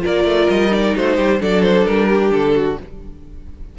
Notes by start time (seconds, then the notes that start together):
0.00 F4 A#4 D5
0.07 A#3
0.25 A3
0.50 G3 D#5
0.71 D#4 D5
0.96 A3 F#4 C5
1.17 G3 G4
1.40 F#3 D4 A4 D5
1.63 C5
1.86 G3 A#4
2.09 G4
2.32 D3 A4
2.56 F#4